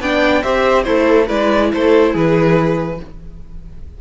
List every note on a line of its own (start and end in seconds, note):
0.00 0.43 B3
0.00 0.43 D4
0.00 0.43 D5
0.00 0.43 G5
0.43 0.86 C4
0.43 0.86 G4
0.43 0.85 C5
0.43 0.83 E5
0.83 1.30 A3
0.83 1.26 E4
0.83 1.28 A4
0.83 1.26 C5
1.26 1.72 G#3
1.26 2.98 E4
1.26 1.69 B4
1.26 1.71 D5
1.73 2.15 A3
1.73 2.12 A4
1.73 2.15 C5
2.12 3.00 E3
2.12 2.97 G#4
2.12 3.01 B4